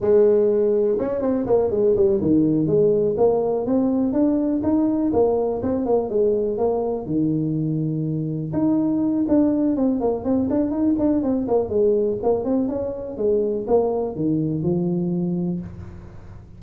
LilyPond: \new Staff \with { instrumentName = "tuba" } { \time 4/4 \tempo 4 = 123 gis2 cis'8 c'8 ais8 gis8 | g8 dis4 gis4 ais4 c'8~ | c'8 d'4 dis'4 ais4 c'8 | ais8 gis4 ais4 dis4.~ |
dis4. dis'4. d'4 | c'8 ais8 c'8 d'8 dis'8 d'8 c'8 ais8 | gis4 ais8 c'8 cis'4 gis4 | ais4 dis4 f2 | }